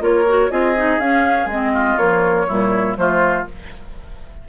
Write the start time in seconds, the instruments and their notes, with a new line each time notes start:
0.00 bassoon A#3, clarinet F4, oboe A#4, flute C#5
0.28 clarinet F#4
0.51 bassoon C4, clarinet F4, oboe G#4, flute D#5
0.76 clarinet D#4
0.98 bassoon C#4, clarinet C#4, flute F5
1.46 bassoon G#3, clarinet C4, flute D#5
1.73 oboe F4
1.98 clarinet F3, bassoon A#3, flute C#5
2.47 bassoon A#2, clarinet G3, oboe E4
2.97 bassoon F3, clarinet A3, oboe F4, flute C5